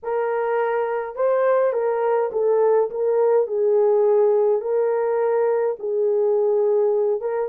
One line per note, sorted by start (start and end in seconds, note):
0.02 1.15 A#4
1.15 1.72 C5
1.72 2.30 A#4
2.32 2.90 A4
2.90 3.47 A#4
3.47 4.61 G#4
4.61 5.76 A#4
5.79 7.21 G#4
7.21 7.49 A#4